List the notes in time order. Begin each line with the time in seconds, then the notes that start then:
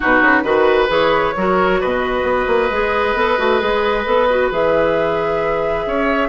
0.00 B2 D#4 F#4 B4
0.22 C#3
0.43 D#3 F#4 B4
0.88 E3 G#4 C#5
1.36 F#3 F#4 A#4
1.80 B2 B4 D#5
2.23 B3
2.47 A#3
2.70 G#3 G#4
3.14 B3 A4
3.38 A3 F#4
3.59 G#3 G#4
4.05 B3 A4
4.30 F#4
4.51 E3 G#4 E5
5.86 C#4 C#5